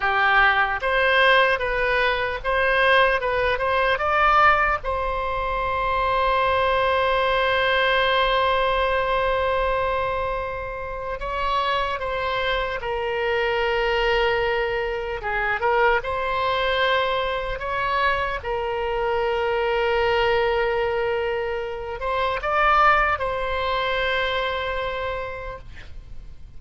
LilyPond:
\new Staff \with { instrumentName = "oboe" } { \time 4/4 \tempo 4 = 75 g'4 c''4 b'4 c''4 | b'8 c''8 d''4 c''2~ | c''1~ | c''2 cis''4 c''4 |
ais'2. gis'8 ais'8 | c''2 cis''4 ais'4~ | ais'2.~ ais'8 c''8 | d''4 c''2. | }